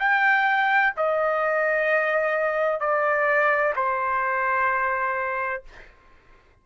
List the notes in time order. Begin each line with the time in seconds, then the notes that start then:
0.00 G5
0.97 D#5
2.80 D5
3.76 C5